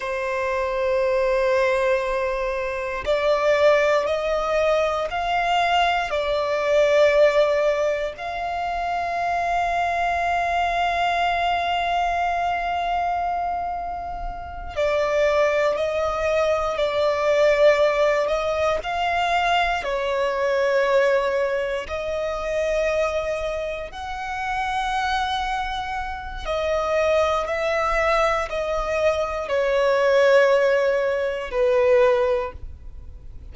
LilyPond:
\new Staff \with { instrumentName = "violin" } { \time 4/4 \tempo 4 = 59 c''2. d''4 | dis''4 f''4 d''2 | f''1~ | f''2~ f''8 d''4 dis''8~ |
dis''8 d''4. dis''8 f''4 cis''8~ | cis''4. dis''2 fis''8~ | fis''2 dis''4 e''4 | dis''4 cis''2 b'4 | }